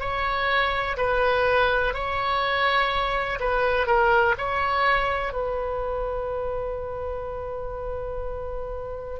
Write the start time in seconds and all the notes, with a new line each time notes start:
0.00 C#5
0.97 B4
1.94 C#5
3.40 B4
3.87 A#4
4.38 C#5
5.33 B4